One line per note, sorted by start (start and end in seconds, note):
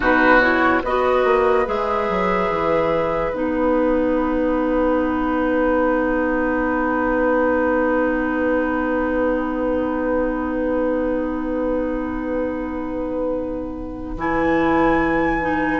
0.00 0.82 B2
0.00 0.40 D#4
0.00 0.82 F#4
0.00 0.40 B4
0.40 0.82 E4
0.40 0.82 C#5
0.83 1.24 B3
0.83 1.65 F#4
0.83 15.80 B4
0.83 1.67 D#5
1.24 1.66 A#3
1.65 2.09 G#3
1.65 3.32 G#4
1.65 3.34 E5
2.09 2.49 F#3
2.49 3.32 E3
3.33 14.16 B3
3.33 14.16 D#4
3.33 14.17 F#5
14.16 15.80 E3
14.16 15.41 E4
14.16 15.80 G#5
15.41 15.80 D#4